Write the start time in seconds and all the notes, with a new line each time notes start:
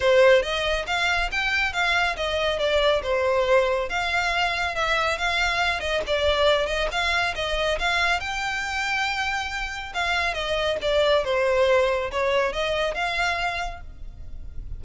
0.00 C5
0.42 D#5
0.86 F5
1.31 G5
1.72 F5
2.16 D#5
2.58 D5
3.02 C5
3.89 F5
4.75 E5
5.18 F5
5.80 D#5
6.06 D5
6.66 D#5
6.91 F5
7.35 D#5
7.78 F5
8.20 G5
9.94 F5
10.34 D#5
10.81 D5
11.24 C5
12.11 C#5
12.52 D#5
12.94 F5